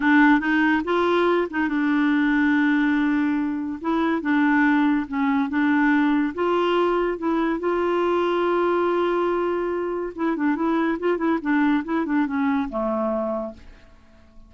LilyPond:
\new Staff \with { instrumentName = "clarinet" } { \time 4/4 \tempo 4 = 142 d'4 dis'4 f'4. dis'8 | d'1~ | d'4 e'4 d'2 | cis'4 d'2 f'4~ |
f'4 e'4 f'2~ | f'1 | e'8 d'8 e'4 f'8 e'8 d'4 | e'8 d'8 cis'4 a2 | }